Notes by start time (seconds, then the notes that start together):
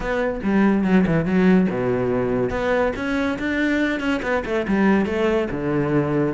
0.00 B3
0.43 G3
0.84 F#3
1.06 E3
1.25 F#3
1.70 B2
2.49 B3
2.95 C#4
3.38 D4
3.99 C#4
4.22 B3
4.45 A3
4.67 G3
5.05 A3
5.50 D3